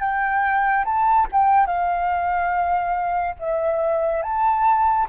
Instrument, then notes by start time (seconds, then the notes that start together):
flute
0.00 G5
0.85 A5
1.32 G5
1.66 F5
3.39 E5
4.23 A5